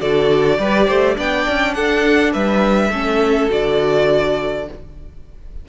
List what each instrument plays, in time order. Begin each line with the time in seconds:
0.00 cello D3, viola F#4, violin A4 D5
0.58 cello G3, viola G4, violin B4
0.86 cello A3, violin C5
1.16 cello B3, viola D4, violin D5 G5
1.48 cello C#4
1.74 cello D4, violin A4 F#5
2.33 cello G3, violin B4 E5
2.90 cello A3, viola C#4, violin A4
3.50 cello D3, viola F#4, violin D5